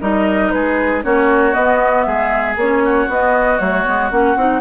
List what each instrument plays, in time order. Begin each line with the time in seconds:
0.00 bassoon G3, clarinet D#4, oboe A#4, flute D#5
0.50 bassoon G#3, oboe G#4, flute B4
1.02 bassoon A#3, clarinet C#4, oboe F#4, flute C#5
1.53 clarinet B3, bassoon B3, flute D#5
2.03 bassoon G#3, oboe G#4, flute E5
2.56 bassoon A#3, clarinet C#4, flute C#5
2.84 oboe F#4
3.08 bassoon B3, clarinet B3, flute D#5
3.58 bassoon F#3, clarinet A3, flute C#5
3.84 bassoon G#3, clarinet B3
4.10 bassoon A#3, clarinet C#4, flute F#5
4.35 bassoon C4, clarinet D#4